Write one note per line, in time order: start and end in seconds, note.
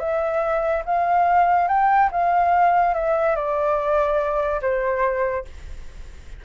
0.00 0.83 E5
0.86 1.69 F5
1.69 2.10 G5
2.12 2.94 F5
2.94 3.36 E5
3.36 4.61 D5
4.62 5.45 C5